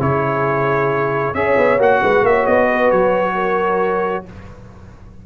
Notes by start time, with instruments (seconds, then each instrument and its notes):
0.00 tuba C#3, trombone E4, horn G#4, trumpet C#5
1.34 tuba C#4, trombone G#4, horn C#5, trumpet E5
1.58 tuba B3
1.79 tuba A#3, trombone F#4, trumpet F#5
2.02 tuba G#3, horn B4
2.23 tuba A#3, horn C#5, trumpet E5
2.46 tuba B3, trumpet D#5
2.67 horn B4
2.91 tuba F#3, trumpet C#5
3.35 horn A#4